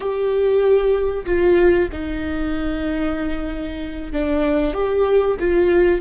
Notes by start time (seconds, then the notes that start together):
0.00 G4
1.25 F4
1.91 D#4
4.12 D4
4.73 G4
5.39 F4